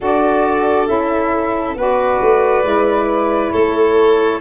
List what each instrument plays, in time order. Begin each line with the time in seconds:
0.00 tuba D4, saxophone F#4, violin A4, flute D5
0.86 tuba C#4, saxophone E4, flute E5
1.75 tuba B3, saxophone F#4, violin B4, flute D5
2.20 tuba A3
2.63 tuba G#3, saxophone E4
3.51 tuba A3, violin A4, flute C#5